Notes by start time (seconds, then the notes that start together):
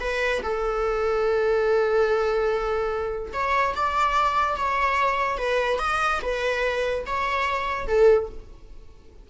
0.00 B4
0.43 A4
3.33 C#5
3.75 D5
4.56 C#5
5.37 B4
5.79 D#5
6.22 B4
7.06 C#5
7.87 A4